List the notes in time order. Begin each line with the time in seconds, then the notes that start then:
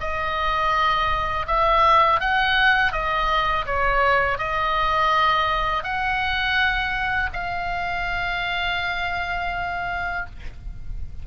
0.00 D#5
1.47 E5
2.20 F#5
2.92 D#5
3.66 C#5
4.38 D#5
5.83 F#5
7.33 F5